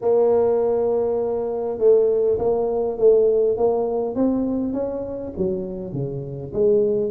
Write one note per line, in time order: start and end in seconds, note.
0.01 1.78 A#3
1.78 2.38 A3
2.38 2.97 A#3
2.98 3.57 A3
3.57 4.15 A#3
4.15 4.73 C4
4.73 5.32 C#4
5.37 5.92 F#3
5.92 6.52 C#3
6.53 7.10 G#3